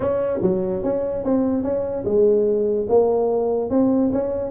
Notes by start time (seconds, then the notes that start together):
0.00 C#4
0.42 F#3
0.83 C#4
1.24 C4
1.63 C#4
2.04 G#3
2.88 A#3
3.70 C4
4.12 C#4